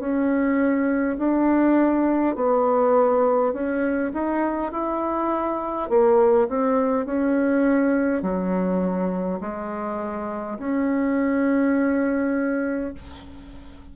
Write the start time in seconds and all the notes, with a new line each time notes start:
0.00 C#4
1.19 D4
2.36 B3
3.53 C#4
4.14 D#4
4.72 E4
5.90 A#3
6.49 C4
7.06 C#4
8.22 F#3
9.41 G#3
10.59 C#4